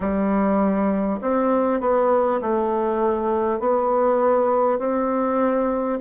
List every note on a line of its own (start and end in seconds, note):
0.00 1.19 G3
1.21 1.80 C4
1.80 2.40 B3
2.41 3.59 A3
3.59 4.78 B3
4.78 5.98 C4